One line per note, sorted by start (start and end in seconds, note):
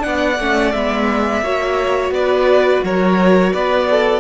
0.00 0.39 B3
0.00 0.35 D4
0.00 0.72 F#5
0.07 1.44 D5
0.39 0.74 A3
0.39 0.75 C#4
0.72 1.42 G#3
0.72 1.44 B3
0.72 2.11 E5
1.42 2.10 A#3
1.42 4.20 F#4
1.42 2.14 C#5
2.10 2.80 B3
2.10 2.84 B4
2.10 2.83 D5
2.84 3.53 F#3
2.84 3.53 A#4
2.84 3.53 C#5
3.53 4.20 B3
3.53 3.88 B4
3.53 4.20 D5
3.90 4.20 A4